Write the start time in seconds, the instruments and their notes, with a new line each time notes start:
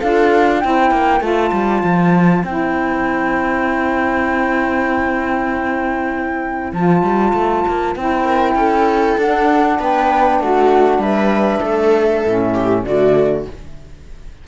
0.00 cello D4, saxophone F4, viola A4, flute F5
0.61 cello C4, saxophone E4, viola C5, flute G5
0.92 cello A#3
1.20 cello A3, saxophone F4, flute A5
1.53 cello G3
1.84 cello F3
2.44 cello C4, saxophone E4, flute G5
6.73 cello F3, saxophone F4, flute A5
7.03 cello G3
7.34 cello A3
7.68 cello A#3
7.96 cello C4, saxophone E4, flute G5
8.24 viola A#4
8.55 cello C#4, viola A4
9.18 cello D4, saxophone D4, flute F#5
9.79 cello B3, viola B4, flute G5
10.40 cello A3, viola F#4, flute F#5
10.99 cello G3, viola B4, flute E5
11.61 cello A3, viola A4
12.26 cello A2, saxophone C#4
12.54 viola G4
12.83 cello D3, saxophone A3, viola F#4, flute D5